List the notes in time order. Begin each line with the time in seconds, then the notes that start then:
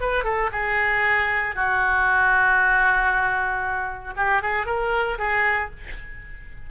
0.00 B4
0.24 A4
0.51 G#4
1.55 F#4
4.16 G4
4.42 G#4
4.66 A#4
5.18 G#4